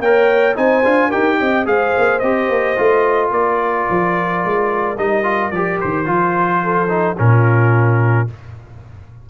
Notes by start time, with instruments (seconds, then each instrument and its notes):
0.00 tuba A#3, trombone A#4, horn C#5, trumpet G5
0.56 tuba C4, trombone D#4, horn C5, trumpet G#5
0.85 tuba D4, trombone F4
1.09 tuba D#4, trombone G4, horn A#4, trumpet G5
1.39 tuba C4, horn D#5
1.66 tuba G#3, trombone G#4, horn C5, trumpet F5
1.98 tuba A#3
2.20 tuba C4, trombone G4, trumpet D#5
2.49 tuba A#3
2.77 tuba A3, trombone F4
3.32 tuba A#3, horn A#4, trumpet D5
3.90 tuba F3
4.45 tuba G#3
4.98 tuba G3, trombone D#4, trumpet D#5
5.24 trombone F4
5.51 tuba F3, trombone G4, trumpet D5
5.81 tuba D#3, trumpet C5
6.06 tuba F3, trombone F4
6.63 horn A4
6.89 trombone D#4
7.18 tuba A#2, trombone C#4, horn F4, trumpet A#4